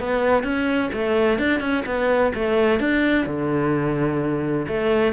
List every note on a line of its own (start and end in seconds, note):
0.00 0.44 B3
0.44 0.91 C#4
0.94 1.39 A3
1.39 1.61 D4
1.61 1.84 C#4
1.86 2.33 B3
2.35 2.80 A3
2.80 3.26 D4
3.26 4.67 D3
4.68 5.13 A3